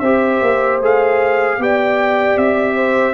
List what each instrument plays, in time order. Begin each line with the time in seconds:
0.00 tuba C4, trombone G4, horn C5, trumpet E5
0.42 tuba A#3
0.81 tuba A3, trombone G#4, trumpet F5
1.59 tuba B3, trombone G4, horn D5, trumpet G5
2.37 tuba C4, trumpet E5
2.75 horn C5